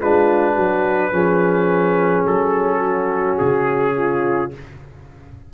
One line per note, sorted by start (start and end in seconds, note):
0.00 0.57 G#3
0.00 1.11 D4
0.00 0.54 F4
0.00 2.26 B4
0.54 1.12 F#3
0.54 1.10 F#4
1.11 2.25 F3
1.11 4.51 C#4
1.11 2.80 G#4
2.26 3.39 F#3
2.26 3.37 A4
2.80 3.93 F#4
3.37 4.53 C#3
3.37 4.51 G#4
3.96 4.53 F4